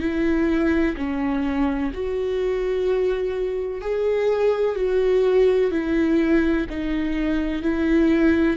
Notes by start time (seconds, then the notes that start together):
0.00 E4
0.96 C#4
1.94 F#4
3.81 G#4
4.75 F#4
5.71 E4
6.69 D#4
7.62 E4